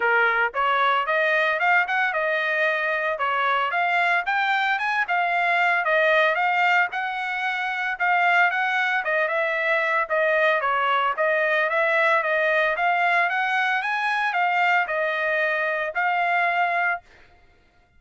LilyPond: \new Staff \with { instrumentName = "trumpet" } { \time 4/4 \tempo 4 = 113 ais'4 cis''4 dis''4 f''8 fis''8 | dis''2 cis''4 f''4 | g''4 gis''8 f''4. dis''4 | f''4 fis''2 f''4 |
fis''4 dis''8 e''4. dis''4 | cis''4 dis''4 e''4 dis''4 | f''4 fis''4 gis''4 f''4 | dis''2 f''2 | }